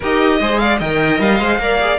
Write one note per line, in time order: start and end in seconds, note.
0.00 0.40 D#4
0.00 0.40 G4
0.00 0.38 A#4
0.00 0.59 D#5
0.40 0.80 G#3
0.40 0.80 G#4
0.40 0.60 C5
0.59 0.78 D5
0.59 0.79 F5
0.78 1.19 D#3
0.78 1.40 A#4
0.78 1.58 D#5
0.78 1.20 G5
1.19 1.39 G3
1.19 1.98 F5
1.39 1.58 G#3
1.39 1.59 C5
1.58 1.98 A#3
1.58 1.79 A#4
1.58 1.98 D5
1.80 1.98 G#4